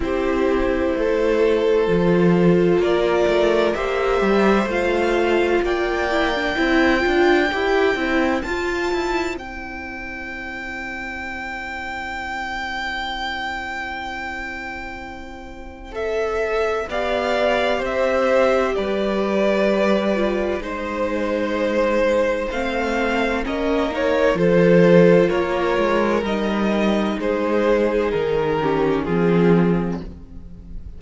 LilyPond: <<
  \new Staff \with { instrumentName = "violin" } { \time 4/4 \tempo 4 = 64 c''2. d''4 | e''4 f''4 g''2~ | g''4 a''4 g''2~ | g''1~ |
g''4 e''4 f''4 e''4 | d''2 c''2 | f''4 dis''8 cis''8 c''4 cis''4 | dis''4 c''4 ais'4 gis'4 | }
  \new Staff \with { instrumentName = "violin" } { \time 4/4 g'4 a'2 ais'4 | c''2 d''4 c''4~ | c''1~ | c''1~ |
c''2 d''4 c''4 | b'2 c''2~ | c''4 ais'4 a'4 ais'4~ | ais'4 gis'4. g'8 f'4 | }
  \new Staff \with { instrumentName = "viola" } { \time 4/4 e'2 f'2 | g'4 f'4. e'16 d'16 e'8 f'8 | g'8 e'8 f'4 e'2~ | e'1~ |
e'4 a'4 g'2~ | g'4. f'8 dis'2 | c'4 cis'8 dis'8 f'2 | dis'2~ dis'8 cis'8 c'4 | }
  \new Staff \with { instrumentName = "cello" } { \time 4/4 c'4 a4 f4 ais8 a8 | ais8 g8 a4 ais4 c'8 d'8 | e'8 c'8 f'8 e'8 c'2~ | c'1~ |
c'2 b4 c'4 | g2 gis2 | a4 ais4 f4 ais8 gis8 | g4 gis4 dis4 f4 | }
>>